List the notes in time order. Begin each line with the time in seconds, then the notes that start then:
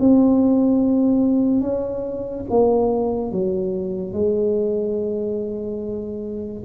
0.00 C4
1.61 C#4
2.50 A#3
3.32 F#3
4.14 G#3